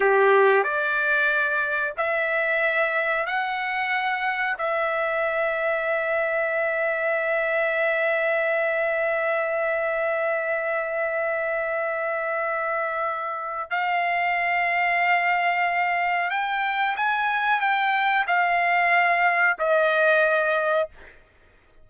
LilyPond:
\new Staff \with { instrumentName = "trumpet" } { \time 4/4 \tempo 4 = 92 g'4 d''2 e''4~ | e''4 fis''2 e''4~ | e''1~ | e''1~ |
e''1~ | e''4 f''2.~ | f''4 g''4 gis''4 g''4 | f''2 dis''2 | }